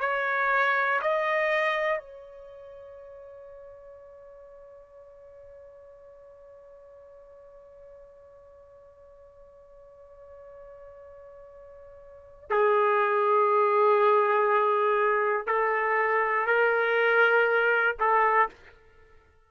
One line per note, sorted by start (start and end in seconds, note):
0.00 1.00 C#5
1.01 1.98 D#5
1.98 12.48 C#5
12.50 15.46 G#4
15.46 16.46 A4
16.46 17.96 A#4
17.99 18.49 A4